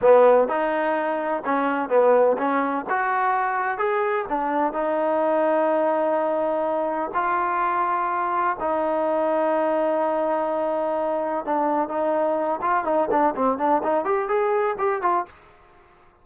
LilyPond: \new Staff \with { instrumentName = "trombone" } { \time 4/4 \tempo 4 = 126 b4 dis'2 cis'4 | b4 cis'4 fis'2 | gis'4 d'4 dis'2~ | dis'2. f'4~ |
f'2 dis'2~ | dis'1 | d'4 dis'4. f'8 dis'8 d'8 | c'8 d'8 dis'8 g'8 gis'4 g'8 f'8 | }